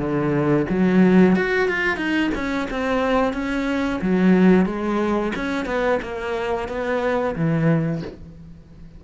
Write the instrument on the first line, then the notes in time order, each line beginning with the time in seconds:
cello
0.00 D3
0.70 F#3
1.36 F#4
1.69 F4
1.97 D#4
2.35 C#4
2.71 C4
3.34 C#4
4.02 F#3
4.66 G#3
5.36 C#4
5.66 B3
6.03 A#3
6.69 B3
7.36 E3